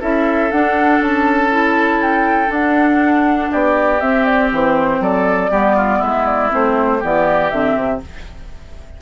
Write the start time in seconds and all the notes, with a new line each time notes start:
0.00 C#4 E4 A4 E5
0.51 D4 F#5
1.00 C#4 A5
1.50 E4
2.02 G5
2.47 D4 F#5
3.51 B3 G4 D5
4.00 C4 E5
4.25 D5
4.52 E3 C5
5.00 F#3 A4 D5
5.50 G3 B3 G4
5.76 F4
5.97 G#3 E4 E5
6.26 D5
6.50 A3 C4 C5
6.99 E3 B3 G4 D5
7.50 D3 C4 E5
7.75 C3